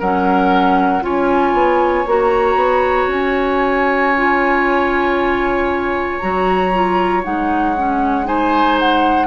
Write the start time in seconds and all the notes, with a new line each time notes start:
0.00 F#3 C#4 A#4 F#5
1.02 C#4 F4 C#5 G#5
1.53 B3
2.06 A#3 F#4 A#5
2.56 B3
3.08 C#4 G#5
4.17 F4
6.19 F#3 F#4 A#5
6.74 F4
7.24 G#3 D#4 F#5
7.77 C#4
8.25 D#4 C5 G#5
8.80 F#5